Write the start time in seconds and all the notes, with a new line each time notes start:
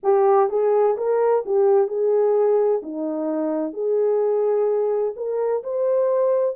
0.03 G4
0.49 G#4
0.97 A#4
1.45 G4
1.87 G#4
2.82 D#4
3.73 G#4
5.16 A#4
5.62 C5